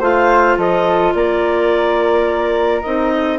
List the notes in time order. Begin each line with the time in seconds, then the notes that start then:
0.00 A3 F4 C5 F5
0.57 F3 A4 D#5
1.14 A#3 A#4 D5
2.82 C4 D#4 D#5
3.12 A4